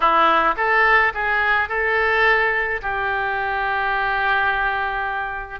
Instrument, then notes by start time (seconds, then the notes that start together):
oboe
0.00 E4
0.56 A4
1.14 G#4
1.68 A4
2.81 G4